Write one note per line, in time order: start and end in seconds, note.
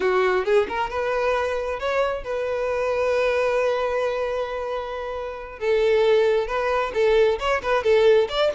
0.00 0.44 F#4
0.44 0.67 G#4
0.68 0.90 A#4
0.90 1.79 B4
1.79 2.24 C#5
2.24 5.59 B4
5.59 6.47 A4
6.47 6.92 B4
6.94 7.39 A4
7.39 7.61 C#5
7.62 7.83 B4
7.83 8.28 A4
8.28 8.51 D5